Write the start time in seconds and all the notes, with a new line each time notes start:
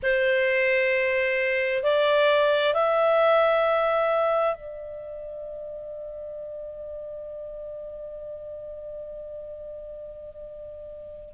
0.02 C5
1.83 D5
2.74 E5
4.55 D5